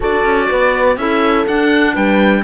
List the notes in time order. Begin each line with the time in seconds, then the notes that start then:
0.00 D4 F#4 A4 D5
0.24 C#4
0.48 B3 B4
0.96 C#4 E4 A4 E5
1.47 D4 F#5
1.93 G3 B4 G5